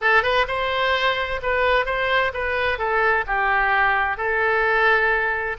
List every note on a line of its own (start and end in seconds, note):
0.01 0.22 A4
0.22 0.46 B4
0.47 1.40 C5
1.42 1.85 B4
1.85 2.32 C5
2.33 2.78 B4
2.78 3.25 A4
3.26 4.17 G4
4.17 5.56 A4